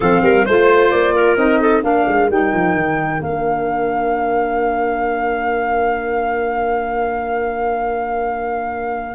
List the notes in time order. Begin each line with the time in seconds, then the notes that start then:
0.00 F3 C4 A4 F5
0.22 G3 A#4
0.45 A3 F4 C5
0.90 A#3 D5
1.15 A#4
1.36 C4 D#4 D#5
1.60 A4
1.82 A#3 D4 A#4 F5
2.07 G#3
2.29 G3 D#4 G5
2.53 F3
2.74 D#3
3.17 A#3 D4 F5